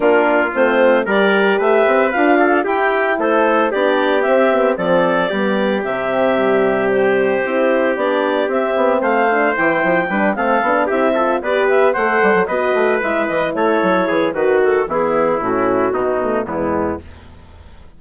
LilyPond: <<
  \new Staff \with { instrumentName = "clarinet" } { \time 4/4 \tempo 4 = 113 ais'4 c''4 d''4 e''4 | f''4 g''4 c''4 d''4 | e''4 d''2 e''4~ | e''4 c''2 d''4 |
e''4 f''4 g''4. f''8~ | f''8 e''4 d''8 e''8 fis''4 dis''8~ | dis''8 e''8 dis''8 cis''4. b'8 a'8 | gis'4 fis'2 e'4 | }
  \new Staff \with { instrumentName = "trumpet" } { \time 4/4 f'2 ais'4 b'4~ | b'8 a'8 g'4 a'4 g'4~ | g'4 a'4 g'2~ | g'1~ |
g'4 c''2 b'8 a'8~ | a'8 g'8 a'8 b'4 c''4 b'8~ | b'4. a'4 gis'8 fis'4 | e'2 dis'4 b4 | }
  \new Staff \with { instrumentName = "horn" } { \time 4/4 d'4 c'4 g'2 | f'4 e'2 d'4 | c'8 b8 c'4 b4 c'4 | g2 e'4 d'4 |
c'4. d'8 e'4 d'8 c'8 | d'8 e'8 f'8 g'4 a'4 fis'8~ | fis'8 e'2~ e'8 fis'4 | b4 cis'4 b8 a8 gis4 | }
  \new Staff \with { instrumentName = "bassoon" } { \time 4/4 ais4 a4 g4 a8 c'8 | d'4 e'4 a4 b4 | c'4 f4 g4 c4~ | c2 c'4 b4 |
c'8 b8 a4 e8 f8 g8 a8 | b8 c'4 b4 a8 g16 fis16 b8 | a8 gis8 e8 a8 fis8 e8 dis4 | e4 a,4 b,4 e,4 | }
>>